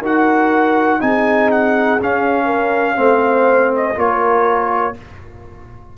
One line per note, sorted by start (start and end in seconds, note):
0.00 0.99 D#4
0.00 1.00 F#4
0.00 0.98 A#4
0.00 1.01 F#5
1.00 2.00 C4
1.00 1.99 D#4
1.00 2.45 G#4
1.00 1.50 G#5
1.51 2.00 F#5
2.00 2.98 C#4
2.00 2.96 C#4
2.00 3.75 F5
2.45 2.94 A#4
2.96 3.96 A3
2.96 3.94 C4
2.96 3.98 C5
3.76 3.99 D#5
3.95 4.95 A#3
3.95 4.93 F4
3.95 4.97 A#4
3.95 4.98 C#5